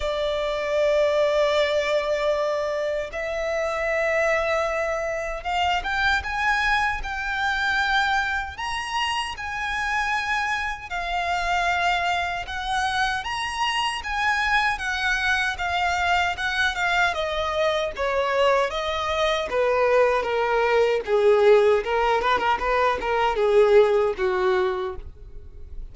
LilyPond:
\new Staff \with { instrumentName = "violin" } { \time 4/4 \tempo 4 = 77 d''1 | e''2. f''8 g''8 | gis''4 g''2 ais''4 | gis''2 f''2 |
fis''4 ais''4 gis''4 fis''4 | f''4 fis''8 f''8 dis''4 cis''4 | dis''4 b'4 ais'4 gis'4 | ais'8 b'16 ais'16 b'8 ais'8 gis'4 fis'4 | }